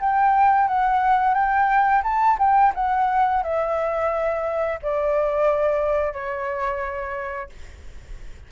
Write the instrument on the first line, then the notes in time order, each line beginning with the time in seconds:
flute
0.00 G5
0.68 F#5
1.34 G5
2.04 A5
2.38 G5
2.75 F#5
3.43 E5
4.82 D5
6.13 C#5